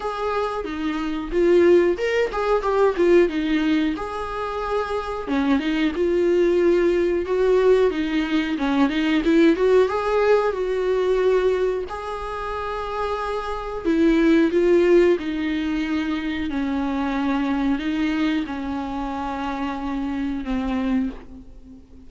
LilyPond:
\new Staff \with { instrumentName = "viola" } { \time 4/4 \tempo 4 = 91 gis'4 dis'4 f'4 ais'8 gis'8 | g'8 f'8 dis'4 gis'2 | cis'8 dis'8 f'2 fis'4 | dis'4 cis'8 dis'8 e'8 fis'8 gis'4 |
fis'2 gis'2~ | gis'4 e'4 f'4 dis'4~ | dis'4 cis'2 dis'4 | cis'2. c'4 | }